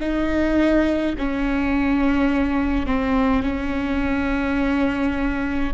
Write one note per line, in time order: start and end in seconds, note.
0.00 1.15 D#4
1.18 2.86 C#4
2.86 3.43 C4
3.43 5.74 C#4